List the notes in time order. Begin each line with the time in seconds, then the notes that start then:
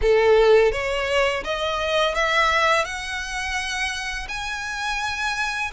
0.01 A4
0.71 C#5
1.44 D#5
2.15 E5
2.84 F#5
4.28 G#5